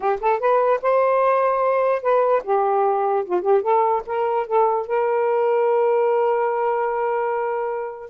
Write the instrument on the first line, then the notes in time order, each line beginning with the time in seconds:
saxophone
0.00 G4
0.20 A4
0.39 B4
0.81 C5
2.02 B4
2.43 G4
3.25 F4
3.41 G4
3.62 A4
4.06 A#4
4.46 A4
4.86 A#4